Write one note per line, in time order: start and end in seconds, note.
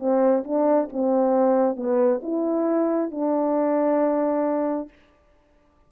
0.00 0.44 C4
0.44 0.89 D4
0.93 1.77 C4
1.77 2.21 B3
2.23 3.12 E4
3.12 4.89 D4